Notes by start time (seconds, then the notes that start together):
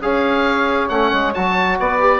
0.00 C#4 G#4 C#5 F5
0.89 A3 C#4 F#5
1.12 G#3
1.34 F#3 F#4 A5
1.78 B3 B4 D5
1.99 G4